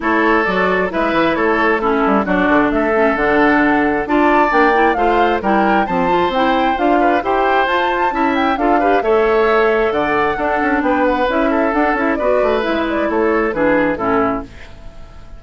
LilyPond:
<<
  \new Staff \with { instrumentName = "flute" } { \time 4/4 \tempo 4 = 133 cis''4 d''4 e''4 cis''4 | a'4 d''4 e''4 fis''4~ | fis''4 a''4 g''4 f''4 | g''4 a''4 g''4 f''4 |
g''4 a''4. g''8 f''4 | e''2 fis''2 | g''8 fis''8 e''4 fis''8 e''8 d''4 | e''8 d''8 cis''4 b'4 a'4 | }
  \new Staff \with { instrumentName = "oboe" } { \time 4/4 a'2 b'4 a'4 | e'4 fis'4 a'2~ | a'4 d''2 c''4 | ais'4 c''2~ c''8 b'8 |
c''2 e''4 a'8 b'8 | cis''2 d''4 a'4 | b'4. a'4. b'4~ | b'4 a'4 gis'4 e'4 | }
  \new Staff \with { instrumentName = "clarinet" } { \time 4/4 e'4 fis'4 e'2 | cis'4 d'4. cis'8 d'4~ | d'4 f'4 d'8 e'8 f'4 | e'4 c'8 f'8 e'4 f'4 |
g'4 f'4 e'4 f'8 g'8 | a'2. d'4~ | d'4 e'4 d'8 e'8 fis'4 | e'2 d'4 cis'4 | }
  \new Staff \with { instrumentName = "bassoon" } { \time 4/4 a4 fis4 gis8 e8 a4~ | a8 g8 fis8 d8 a4 d4~ | d4 d'4 ais4 a4 | g4 f4 c'4 d'4 |
e'4 f'4 cis'4 d'4 | a2 d4 d'8 cis'8 | b4 cis'4 d'8 cis'8 b8 a8 | gis4 a4 e4 a,4 | }
>>